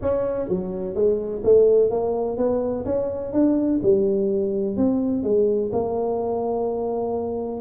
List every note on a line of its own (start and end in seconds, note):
0.01 0.48 C#4
0.48 0.94 F#3
0.94 1.42 G#3
1.44 1.90 A3
1.90 2.37 A#3
2.37 2.84 B3
2.85 3.32 C#4
3.32 3.80 D4
3.82 4.76 G3
4.76 5.23 C4
5.23 5.71 G#3
5.72 7.61 A#3